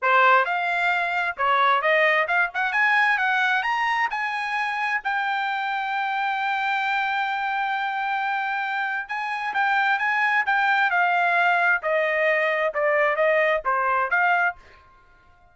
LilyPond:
\new Staff \with { instrumentName = "trumpet" } { \time 4/4 \tempo 4 = 132 c''4 f''2 cis''4 | dis''4 f''8 fis''8 gis''4 fis''4 | ais''4 gis''2 g''4~ | g''1~ |
g''1 | gis''4 g''4 gis''4 g''4 | f''2 dis''2 | d''4 dis''4 c''4 f''4 | }